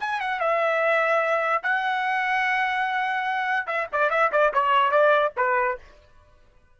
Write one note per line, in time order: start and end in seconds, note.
0.00 0.20 G#5
0.20 0.40 F#5
0.40 1.63 E5
1.63 3.67 F#5
3.67 3.87 E5
3.92 4.10 D5
4.10 4.31 E5
4.32 4.52 D5
4.54 4.91 C#5
4.91 5.32 D5
5.37 5.78 B4